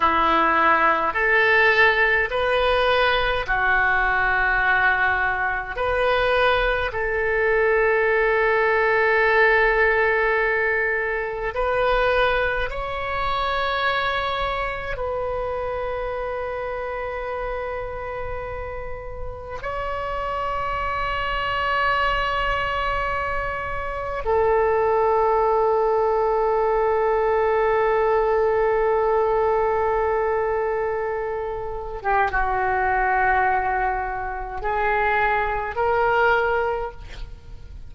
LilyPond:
\new Staff \with { instrumentName = "oboe" } { \time 4/4 \tempo 4 = 52 e'4 a'4 b'4 fis'4~ | fis'4 b'4 a'2~ | a'2 b'4 cis''4~ | cis''4 b'2.~ |
b'4 cis''2.~ | cis''4 a'2.~ | a'2.~ a'8. g'16 | fis'2 gis'4 ais'4 | }